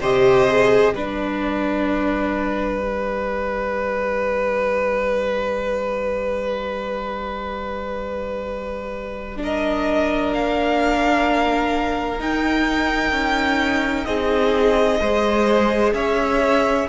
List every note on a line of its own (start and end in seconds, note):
0.00 0.94 C3
0.00 0.48 G4
0.00 0.94 C5
0.00 0.94 D#5
0.48 0.95 G#4
0.94 10.31 G3
0.94 2.79 D4
0.94 9.38 B4
0.94 9.38 D5
2.79 9.35 G4
9.36 12.17 D4
9.43 14.07 A#4
9.43 10.33 D#5
10.32 12.20 A#3
10.32 12.20 F5
12.19 15.00 D#4
12.19 13.12 D#4
12.19 14.05 G5
13.12 14.05 C#4
14.05 15.00 C4
14.05 15.00 G#4
14.05 15.92 D#5
15.00 15.93 G#3
15.00 16.89 G#4
15.00 15.94 C5
15.93 16.87 C#4
15.93 16.88 C#5
15.93 16.88 E5